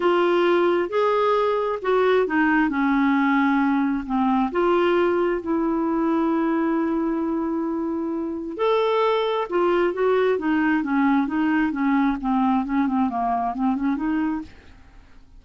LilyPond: \new Staff \with { instrumentName = "clarinet" } { \time 4/4 \tempo 4 = 133 f'2 gis'2 | fis'4 dis'4 cis'2~ | cis'4 c'4 f'2 | e'1~ |
e'2. a'4~ | a'4 f'4 fis'4 dis'4 | cis'4 dis'4 cis'4 c'4 | cis'8 c'8 ais4 c'8 cis'8 dis'4 | }